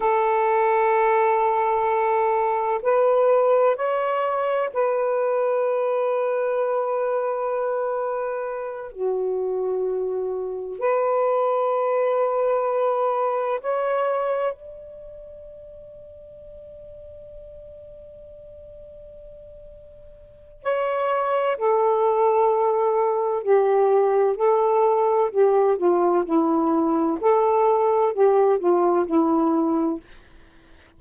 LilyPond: \new Staff \with { instrumentName = "saxophone" } { \time 4/4 \tempo 4 = 64 a'2. b'4 | cis''4 b'2.~ | b'4. fis'2 b'8~ | b'2~ b'8 cis''4 d''8~ |
d''1~ | d''2 cis''4 a'4~ | a'4 g'4 a'4 g'8 f'8 | e'4 a'4 g'8 f'8 e'4 | }